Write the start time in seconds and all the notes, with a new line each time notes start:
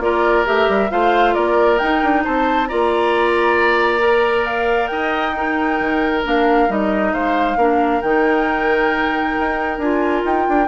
0.00 A#3 F4 A#4 D5
0.46 A3 G4 E5
0.69 G3
0.90 A3 F4 C5 F5
1.34 A#3 A#4 D5
1.79 D#4 G5
2.03 D4
2.25 C4 C5 A5
2.68 A#3 F4 D5 A#5
3.99 A#4
4.46 F5
4.87 D#4 D#5 G5
5.36 D#4 A#4
5.80 D#3
6.24 A#3 D4 F5
6.68 G3 D#4 D#5
7.13 G#3 C5 F5
7.56 A#3 D4 A#4
8.02 D#3 D#4 G5
9.39 D#4
9.78 D4 F4 G#5
10.25 D#4 G5
10.49 D4